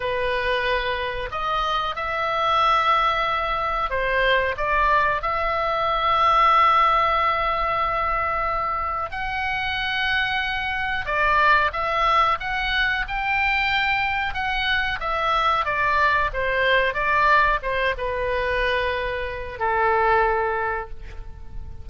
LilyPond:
\new Staff \with { instrumentName = "oboe" } { \time 4/4 \tempo 4 = 92 b'2 dis''4 e''4~ | e''2 c''4 d''4 | e''1~ | e''2 fis''2~ |
fis''4 d''4 e''4 fis''4 | g''2 fis''4 e''4 | d''4 c''4 d''4 c''8 b'8~ | b'2 a'2 | }